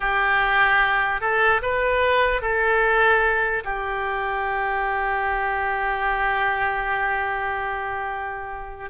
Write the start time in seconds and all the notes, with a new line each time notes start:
0.00 G4
1.20 A4
1.62 B4
2.41 A4
3.64 G4